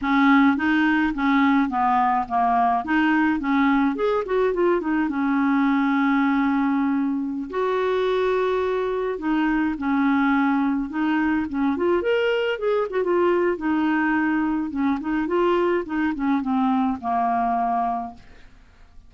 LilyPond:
\new Staff \with { instrumentName = "clarinet" } { \time 4/4 \tempo 4 = 106 cis'4 dis'4 cis'4 b4 | ais4 dis'4 cis'4 gis'8 fis'8 | f'8 dis'8 cis'2.~ | cis'4~ cis'16 fis'2~ fis'8.~ |
fis'16 dis'4 cis'2 dis'8.~ | dis'16 cis'8 f'8 ais'4 gis'8 fis'16 f'4 | dis'2 cis'8 dis'8 f'4 | dis'8 cis'8 c'4 ais2 | }